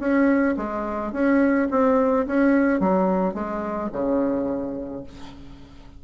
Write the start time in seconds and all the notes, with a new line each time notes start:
0.00 C#4
0.57 G#3
1.13 C#4
1.71 C4
2.27 C#4
2.80 F#3
3.34 G#3
3.93 C#3